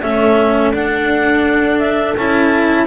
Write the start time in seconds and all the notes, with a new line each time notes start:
0.00 A3 C#4 A4 E5
0.71 D4 F#5
1.79 E5
2.15 C#4 E4 A5